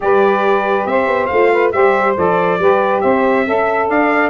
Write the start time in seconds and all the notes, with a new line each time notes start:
0.00 G3 G4 B4 D5
0.85 C4 C5 E5
1.07 B3
1.26 A3 F4 F5
1.52 B4
1.71 G3 G4 C5 E5
2.16 F3 A4 D5
2.59 G3 G4 B4
3.00 C4 C5 E5
3.45 C#4 A4 E5
3.88 D4 D5 F5